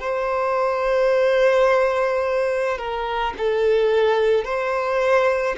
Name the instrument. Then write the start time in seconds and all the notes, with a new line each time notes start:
violin
0.00 C5
2.78 A#4
3.37 A4
4.44 C5